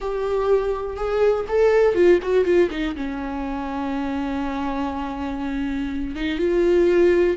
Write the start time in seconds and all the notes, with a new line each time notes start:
0.00 G4
0.96 G#4
1.48 A4
1.94 F4
2.22 F#4
2.44 F4
2.70 D#4
2.95 C#4
6.15 D#4
6.38 F4